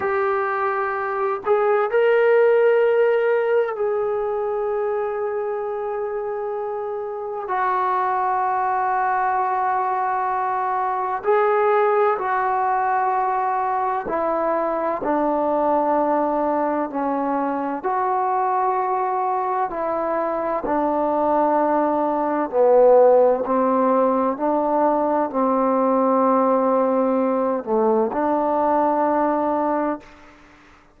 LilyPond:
\new Staff \with { instrumentName = "trombone" } { \time 4/4 \tempo 4 = 64 g'4. gis'8 ais'2 | gis'1 | fis'1 | gis'4 fis'2 e'4 |
d'2 cis'4 fis'4~ | fis'4 e'4 d'2 | b4 c'4 d'4 c'4~ | c'4. a8 d'2 | }